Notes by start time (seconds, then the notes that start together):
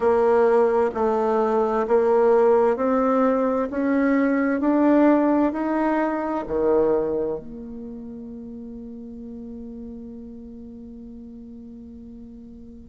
0.00 A#3
0.94 A3
1.87 A#3
2.76 C4
3.70 C#4
4.60 D4
5.52 D#4
6.47 D#3
7.39 A#3